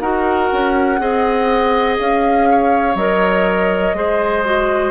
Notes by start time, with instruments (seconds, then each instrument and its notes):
0.00 bassoon D#4, clarinet F#4, oboe A#4, flute F#5
0.52 bassoon C#4
0.98 bassoon C4, clarinet G#4, oboe D#5
1.99 bassoon C#4, flute F5
2.51 oboe C#5
2.95 bassoon F#3, clarinet A#4, flute D#5
3.94 bassoon G#3, clarinet G#4, oboe C5
4.44 clarinet F#4